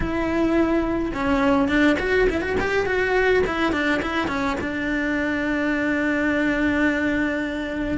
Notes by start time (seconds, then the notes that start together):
0.00 E4
1.14 C#4
1.68 D4
1.99 F#4
2.29 E4
2.41 F#4
2.59 G4
2.86 F#4
3.46 E4
3.72 D4
4.02 E4
4.27 C#4
4.60 D4